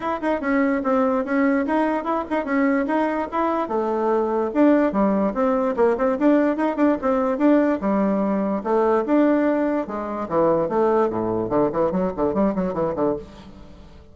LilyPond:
\new Staff \with { instrumentName = "bassoon" } { \time 4/4 \tempo 4 = 146 e'8 dis'8 cis'4 c'4 cis'4 | dis'4 e'8 dis'8 cis'4 dis'4 | e'4 a2 d'4 | g4 c'4 ais8 c'8 d'4 |
dis'8 d'8 c'4 d'4 g4~ | g4 a4 d'2 | gis4 e4 a4 a,4 | d8 e8 fis8 d8 g8 fis8 e8 d8 | }